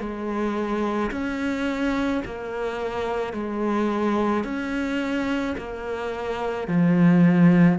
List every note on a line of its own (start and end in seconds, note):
0.00 1.11 G#3
1.11 2.22 C#4
2.26 3.33 A#3
3.33 4.44 G#3
4.44 5.56 C#4
5.58 6.68 A#3
6.68 7.79 F3